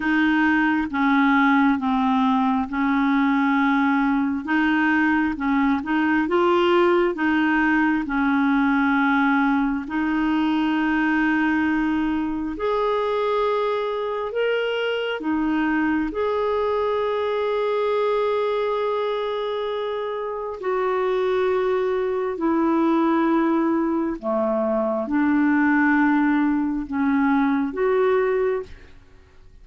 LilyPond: \new Staff \with { instrumentName = "clarinet" } { \time 4/4 \tempo 4 = 67 dis'4 cis'4 c'4 cis'4~ | cis'4 dis'4 cis'8 dis'8 f'4 | dis'4 cis'2 dis'4~ | dis'2 gis'2 |
ais'4 dis'4 gis'2~ | gis'2. fis'4~ | fis'4 e'2 a4 | d'2 cis'4 fis'4 | }